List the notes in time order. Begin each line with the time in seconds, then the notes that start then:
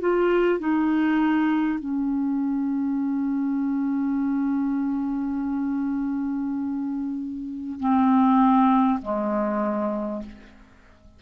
0.00 F4
0.59 D#4
1.79 C#4
7.80 C4
9.02 G#3